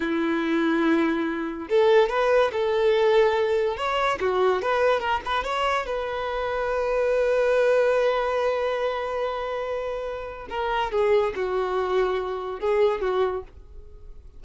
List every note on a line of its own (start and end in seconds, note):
0.00 1.68 E4
1.69 2.09 A4
2.09 2.51 B4
2.52 3.76 A4
3.76 4.18 C#5
4.20 4.62 F#4
4.62 4.99 B4
4.99 5.20 A#4
5.25 5.43 B4
5.43 5.85 C#5
5.86 10.47 B4
10.49 10.91 A#4
10.91 11.33 G#4
11.35 12.60 F#4
12.60 13.01 G#4
13.01 13.43 F#4